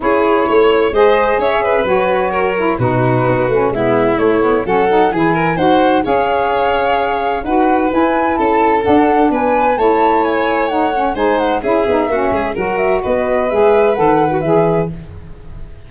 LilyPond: <<
  \new Staff \with { instrumentName = "flute" } { \time 4/4 \tempo 4 = 129 cis''2 dis''4 e''4 | cis''2 b'2 | e''4 cis''4 fis''4 gis''4 | fis''4 f''2. |
fis''4 gis''4 a''4 fis''4 | gis''4 a''4 gis''4 fis''4 | gis''8 fis''8 e''2 fis''8 e''8 | dis''4 e''4 fis''4 e''4 | }
  \new Staff \with { instrumentName = "violin" } { \time 4/4 gis'4 cis''4 c''4 cis''8 b'8~ | b'4 ais'4 fis'2 | e'2 a'4 gis'8 ais'8 | c''4 cis''2. |
b'2 a'2 | b'4 cis''2. | c''4 gis'4 fis'8 gis'8 ais'4 | b'1 | }
  \new Staff \with { instrumentName = "saxophone" } { \time 4/4 e'2 gis'2 | fis'4. e'8 dis'4. cis'8 | b4 a8 b8 cis'8 dis'8 e'4 | fis'4 gis'2. |
fis'4 e'2 d'4~ | d'4 e'2 dis'8 cis'8 | dis'4 e'8 dis'8 cis'4 fis'4~ | fis'4 gis'4 a'8. fis'16 gis'4 | }
  \new Staff \with { instrumentName = "tuba" } { \time 4/4 cis'4 a4 gis4 cis'4 | fis2 b,4 b8 a8 | gis4 a4 fis4 e4 | dis'4 cis'2. |
dis'4 e'4 cis'4 d'4 | b4 a2. | gis4 cis'8 b8 ais8 gis8 fis4 | b4 gis4 dis4 e4 | }
>>